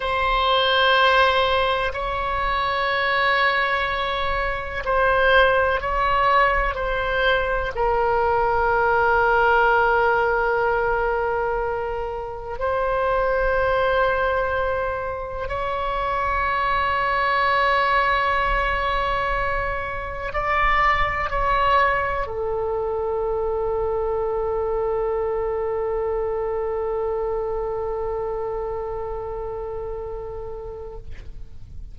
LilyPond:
\new Staff \with { instrumentName = "oboe" } { \time 4/4 \tempo 4 = 62 c''2 cis''2~ | cis''4 c''4 cis''4 c''4 | ais'1~ | ais'4 c''2. |
cis''1~ | cis''4 d''4 cis''4 a'4~ | a'1~ | a'1 | }